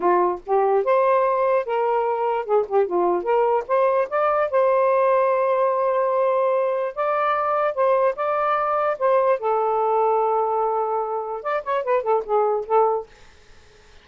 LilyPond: \new Staff \with { instrumentName = "saxophone" } { \time 4/4 \tempo 4 = 147 f'4 g'4 c''2 | ais'2 gis'8 g'8 f'4 | ais'4 c''4 d''4 c''4~ | c''1~ |
c''4 d''2 c''4 | d''2 c''4 a'4~ | a'1 | d''8 cis''8 b'8 a'8 gis'4 a'4 | }